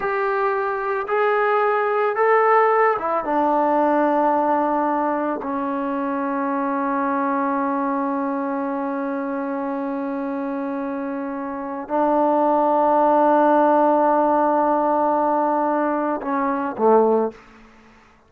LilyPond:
\new Staff \with { instrumentName = "trombone" } { \time 4/4 \tempo 4 = 111 g'2 gis'2 | a'4. e'8 d'2~ | d'2 cis'2~ | cis'1~ |
cis'1~ | cis'2 d'2~ | d'1~ | d'2 cis'4 a4 | }